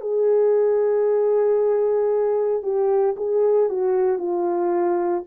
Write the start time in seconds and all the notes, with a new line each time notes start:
0.00 G#4
2.62 G4
3.16 G#4
3.69 F#4
4.18 F4